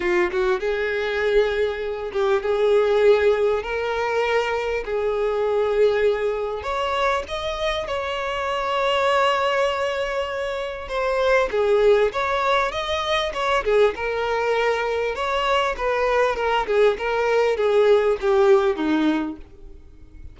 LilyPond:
\new Staff \with { instrumentName = "violin" } { \time 4/4 \tempo 4 = 99 f'8 fis'8 gis'2~ gis'8 g'8 | gis'2 ais'2 | gis'2. cis''4 | dis''4 cis''2.~ |
cis''2 c''4 gis'4 | cis''4 dis''4 cis''8 gis'8 ais'4~ | ais'4 cis''4 b'4 ais'8 gis'8 | ais'4 gis'4 g'4 dis'4 | }